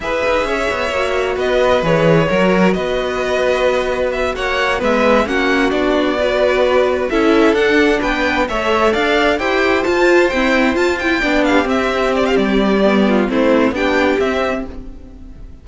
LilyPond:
<<
  \new Staff \with { instrumentName = "violin" } { \time 4/4 \tempo 4 = 131 e''2. dis''4 | cis''2 dis''2~ | dis''4 e''8 fis''4 e''4 fis''8~ | fis''8 d''2. e''8~ |
e''8 fis''4 g''4 e''4 f''8~ | f''8 g''4 a''4 g''4 a''8 | g''4 f''8 e''4 d''16 f''16 d''4~ | d''4 c''4 g''4 e''4 | }
  \new Staff \with { instrumentName = "violin" } { \time 4/4 b'4 cis''2 b'4~ | b'4 ais'4 b'2~ | b'4. cis''4 b'4 fis'8~ | fis'4. b'2 a'8~ |
a'4. b'4 cis''4 d''8~ | d''8 c''2.~ c''8~ | c''8 d''8 g'2.~ | g'8 f'8 e'4 g'2 | }
  \new Staff \with { instrumentName = "viola" } { \time 4/4 gis'2 fis'2 | gis'4 fis'2.~ | fis'2~ fis'8 b4 cis'8~ | cis'8 d'4 fis'2 e'8~ |
e'8 d'2 a'4.~ | a'8 g'4 f'4 c'4 f'8 | e'8 d'4 c'2~ c'8 | b4 c'4 d'4 c'4 | }
  \new Staff \with { instrumentName = "cello" } { \time 4/4 e'8 dis'8 cis'8 b8 ais4 b4 | e4 fis4 b2~ | b4. ais4 gis4 ais8~ | ais8 b2. cis'8~ |
cis'8 d'4 b4 a4 d'8~ | d'8 e'4 f'4 e'4 f'8~ | f'8 b4 c'4. g4~ | g4 a4 b4 c'4 | }
>>